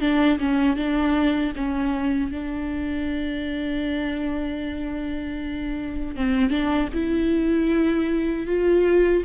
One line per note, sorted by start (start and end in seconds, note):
0.00 0.38 D4
0.39 0.76 C#4
0.76 1.53 D4
1.56 2.31 C#4
2.31 6.16 D4
6.16 6.50 C4
6.50 6.88 D4
6.94 8.47 E4
8.47 9.23 F4